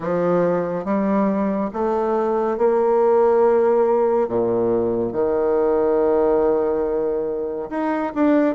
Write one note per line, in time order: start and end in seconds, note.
0.00 0.84 F3
0.84 1.70 G3
1.73 2.57 A3
2.57 4.28 A#3
4.28 5.12 A#2
5.12 7.69 D#3
7.69 8.12 D#4
8.14 8.55 D4